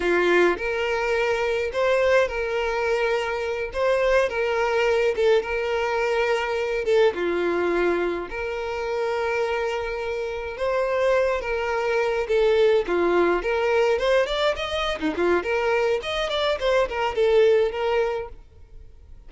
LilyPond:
\new Staff \with { instrumentName = "violin" } { \time 4/4 \tempo 4 = 105 f'4 ais'2 c''4 | ais'2~ ais'8 c''4 ais'8~ | ais'4 a'8 ais'2~ ais'8 | a'8 f'2 ais'4.~ |
ais'2~ ais'8 c''4. | ais'4. a'4 f'4 ais'8~ | ais'8 c''8 d''8 dis''8. dis'16 f'8 ais'4 | dis''8 d''8 c''8 ais'8 a'4 ais'4 | }